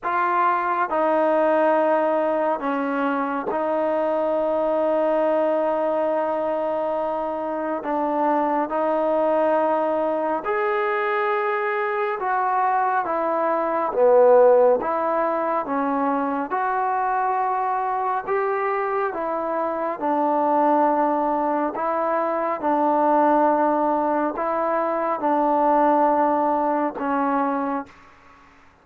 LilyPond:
\new Staff \with { instrumentName = "trombone" } { \time 4/4 \tempo 4 = 69 f'4 dis'2 cis'4 | dis'1~ | dis'4 d'4 dis'2 | gis'2 fis'4 e'4 |
b4 e'4 cis'4 fis'4~ | fis'4 g'4 e'4 d'4~ | d'4 e'4 d'2 | e'4 d'2 cis'4 | }